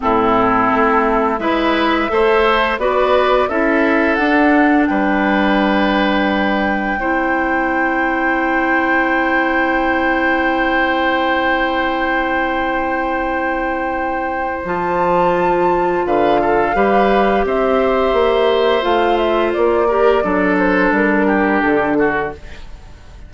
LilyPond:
<<
  \new Staff \with { instrumentName = "flute" } { \time 4/4 \tempo 4 = 86 a'2 e''2 | d''4 e''4 fis''4 g''4~ | g''1~ | g''1~ |
g''1~ | g''4 a''2 f''4~ | f''4 e''2 f''8 e''8 | d''4. c''8 ais'4 a'4 | }
  \new Staff \with { instrumentName = "oboe" } { \time 4/4 e'2 b'4 c''4 | b'4 a'2 b'4~ | b'2 c''2~ | c''1~ |
c''1~ | c''2. b'8 a'8 | b'4 c''2.~ | c''8 ais'8 a'4. g'4 fis'8 | }
  \new Staff \with { instrumentName = "clarinet" } { \time 4/4 c'2 e'4 a'4 | fis'4 e'4 d'2~ | d'2 e'2~ | e'1~ |
e'1~ | e'4 f'2. | g'2. f'4~ | f'8 g'8 d'2. | }
  \new Staff \with { instrumentName = "bassoon" } { \time 4/4 a,4 a4 gis4 a4 | b4 cis'4 d'4 g4~ | g2 c'2~ | c'1~ |
c'1~ | c'4 f2 d4 | g4 c'4 ais4 a4 | ais4 fis4 g4 d4 | }
>>